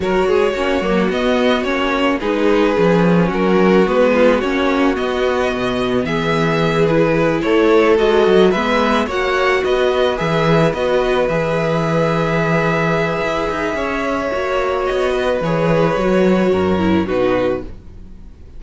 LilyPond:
<<
  \new Staff \with { instrumentName = "violin" } { \time 4/4 \tempo 4 = 109 cis''2 dis''4 cis''4 | b'2 ais'4 b'4 | cis''4 dis''2 e''4~ | e''8 b'4 cis''4 dis''4 e''8~ |
e''8 fis''4 dis''4 e''4 dis''8~ | dis''8 e''2.~ e''8~ | e''2. dis''4 | cis''2. b'4 | }
  \new Staff \with { instrumentName = "violin" } { \time 4/4 ais'8 gis'8 fis'2. | gis'2 fis'4. f'8 | fis'2. gis'4~ | gis'4. a'2 b'8~ |
b'8 cis''4 b'2~ b'8~ | b'1~ | b'4 cis''2~ cis''8 b'8~ | b'2 ais'4 fis'4 | }
  \new Staff \with { instrumentName = "viola" } { \time 4/4 fis'4 cis'8 ais8 b4 cis'4 | dis'4 cis'2 b4 | cis'4 b2.~ | b8 e'2 fis'4 b8~ |
b8 fis'2 gis'4 fis'8~ | fis'8 gis'2.~ gis'8~ | gis'2 fis'2 | gis'4 fis'4. e'8 dis'4 | }
  \new Staff \with { instrumentName = "cello" } { \time 4/4 fis8 gis8 ais8 fis8 b4 ais4 | gis4 f4 fis4 gis4 | ais4 b4 b,4 e4~ | e4. a4 gis8 fis8 gis8~ |
gis8 ais4 b4 e4 b8~ | b8 e2.~ e8 | e'8 dis'8 cis'4 ais4 b4 | e4 fis4 fis,4 b,4 | }
>>